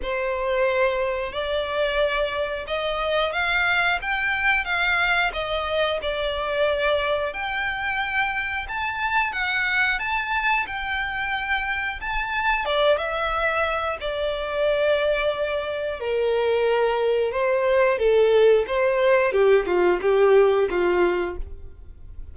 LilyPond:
\new Staff \with { instrumentName = "violin" } { \time 4/4 \tempo 4 = 90 c''2 d''2 | dis''4 f''4 g''4 f''4 | dis''4 d''2 g''4~ | g''4 a''4 fis''4 a''4 |
g''2 a''4 d''8 e''8~ | e''4 d''2. | ais'2 c''4 a'4 | c''4 g'8 f'8 g'4 f'4 | }